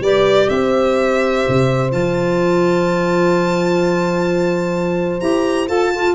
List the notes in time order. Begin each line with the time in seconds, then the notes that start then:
0.00 G3 G4 B4 D5
0.49 C4 C5 E5
1.48 C3
1.90 F3 F4 A5
5.20 E4 G4 A#5
5.68 F4 A4 A5
5.91 F4 A4